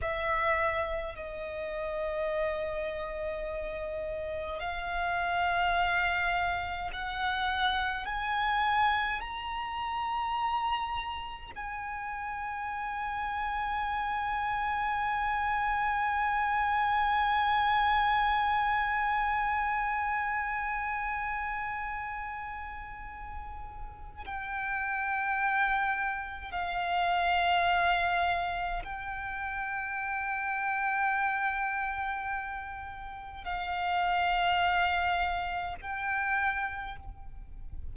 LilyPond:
\new Staff \with { instrumentName = "violin" } { \time 4/4 \tempo 4 = 52 e''4 dis''2. | f''2 fis''4 gis''4 | ais''2 gis''2~ | gis''1~ |
gis''1~ | gis''4 g''2 f''4~ | f''4 g''2.~ | g''4 f''2 g''4 | }